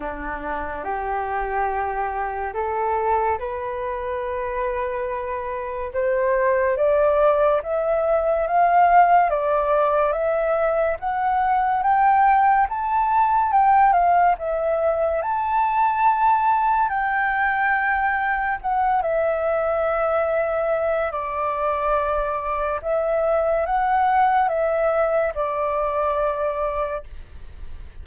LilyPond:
\new Staff \with { instrumentName = "flute" } { \time 4/4 \tempo 4 = 71 d'4 g'2 a'4 | b'2. c''4 | d''4 e''4 f''4 d''4 | e''4 fis''4 g''4 a''4 |
g''8 f''8 e''4 a''2 | g''2 fis''8 e''4.~ | e''4 d''2 e''4 | fis''4 e''4 d''2 | }